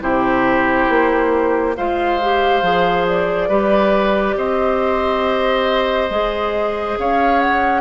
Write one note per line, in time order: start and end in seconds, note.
0.00 0.88 C3
0.00 1.74 E4
0.00 1.76 G4
0.00 1.75 C5
0.89 1.76 A#3
1.76 2.62 G#3
1.76 2.20 F4
1.76 3.48 C5
1.76 3.07 F5
2.22 2.63 G4
2.62 3.48 F3
2.62 3.49 G#4
3.07 4.37 D5
3.48 4.35 G3
3.48 6.10 G4
3.48 4.35 B4
4.36 6.10 C4
4.36 6.98 C5
4.36 6.98 D#5
6.10 6.97 G#3
6.10 7.80 G#4
6.98 7.80 C#4
6.98 7.80 C#5
6.98 7.40 F5
7.40 7.80 F#5